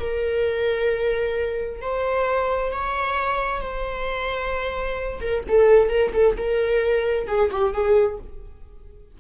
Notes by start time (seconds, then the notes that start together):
0.00 A#4
1.82 C5
2.73 C#5
3.62 C5
5.21 A#4
5.49 A4
5.89 A#4
6.14 A4
6.38 A#4
7.28 G#4
7.52 G4
7.74 G#4